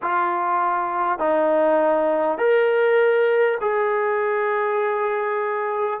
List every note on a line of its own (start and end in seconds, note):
0.02 1.18 F4
1.18 2.37 D#4
2.37 3.57 A#4
3.60 6.00 G#4